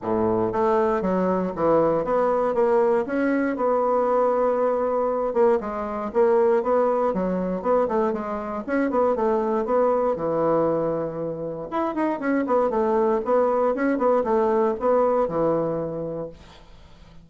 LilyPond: \new Staff \with { instrumentName = "bassoon" } { \time 4/4 \tempo 4 = 118 a,4 a4 fis4 e4 | b4 ais4 cis'4 b4~ | b2~ b8 ais8 gis4 | ais4 b4 fis4 b8 a8 |
gis4 cis'8 b8 a4 b4 | e2. e'8 dis'8 | cis'8 b8 a4 b4 cis'8 b8 | a4 b4 e2 | }